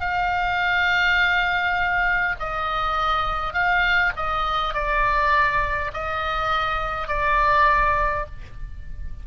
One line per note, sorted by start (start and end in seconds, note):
0.00 2.35 F5
2.40 3.53 D#5
3.53 4.12 F5
4.16 4.74 D#5
4.74 5.91 D5
5.94 7.08 D#5
7.08 8.26 D5